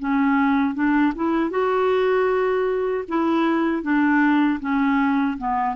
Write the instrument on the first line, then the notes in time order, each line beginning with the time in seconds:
clarinet
0.00 C#4
0.75 D4
1.16 E4
1.51 F#4
3.09 E4
3.83 D4
4.61 C#4
5.38 B3